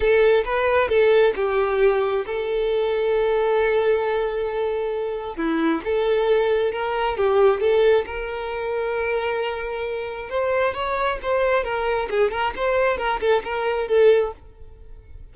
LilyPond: \new Staff \with { instrumentName = "violin" } { \time 4/4 \tempo 4 = 134 a'4 b'4 a'4 g'4~ | g'4 a'2.~ | a'1 | e'4 a'2 ais'4 |
g'4 a'4 ais'2~ | ais'2. c''4 | cis''4 c''4 ais'4 gis'8 ais'8 | c''4 ais'8 a'8 ais'4 a'4 | }